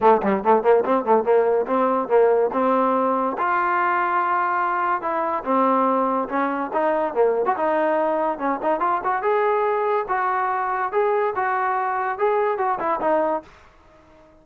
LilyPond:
\new Staff \with { instrumentName = "trombone" } { \time 4/4 \tempo 4 = 143 a8 g8 a8 ais8 c'8 a8 ais4 | c'4 ais4 c'2 | f'1 | e'4 c'2 cis'4 |
dis'4 ais8. fis'16 dis'2 | cis'8 dis'8 f'8 fis'8 gis'2 | fis'2 gis'4 fis'4~ | fis'4 gis'4 fis'8 e'8 dis'4 | }